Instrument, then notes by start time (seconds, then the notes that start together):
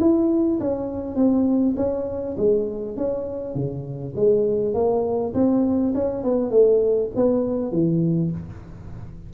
tuba
0.00 E4
0.60 C#4
1.16 C4
1.77 C#4
2.38 G#3
2.97 C#4
3.55 C#3
4.16 G#3
4.74 A#3
5.34 C4
5.95 C#4
6.24 B3
6.51 A3
7.16 B3
7.72 E3